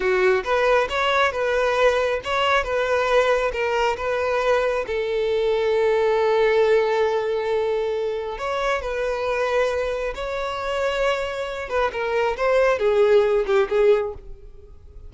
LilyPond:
\new Staff \with { instrumentName = "violin" } { \time 4/4 \tempo 4 = 136 fis'4 b'4 cis''4 b'4~ | b'4 cis''4 b'2 | ais'4 b'2 a'4~ | a'1~ |
a'2. cis''4 | b'2. cis''4~ | cis''2~ cis''8 b'8 ais'4 | c''4 gis'4. g'8 gis'4 | }